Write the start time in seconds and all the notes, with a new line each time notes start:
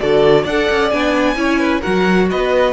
0.00 D3 F#4 A4 D5
0.43 D4 D5 F#5
0.49 A4
0.71 C#4
0.90 B3 D4 G#5
1.36 C#4 E4 C#5
1.60 B4
1.81 F#3 F#4 A#4 F#5
2.30 B3 B4 D#5